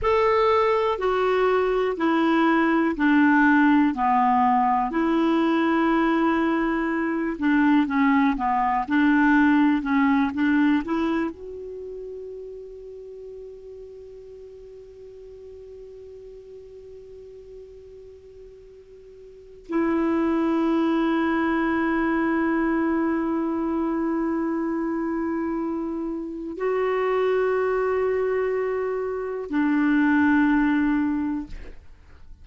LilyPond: \new Staff \with { instrumentName = "clarinet" } { \time 4/4 \tempo 4 = 61 a'4 fis'4 e'4 d'4 | b4 e'2~ e'8 d'8 | cis'8 b8 d'4 cis'8 d'8 e'8 fis'8~ | fis'1~ |
fis'1 | e'1~ | e'2. fis'4~ | fis'2 d'2 | }